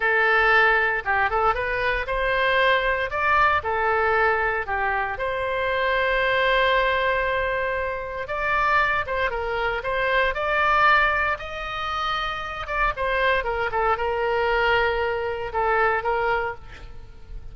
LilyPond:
\new Staff \with { instrumentName = "oboe" } { \time 4/4 \tempo 4 = 116 a'2 g'8 a'8 b'4 | c''2 d''4 a'4~ | a'4 g'4 c''2~ | c''1 |
d''4. c''8 ais'4 c''4 | d''2 dis''2~ | dis''8 d''8 c''4 ais'8 a'8 ais'4~ | ais'2 a'4 ais'4 | }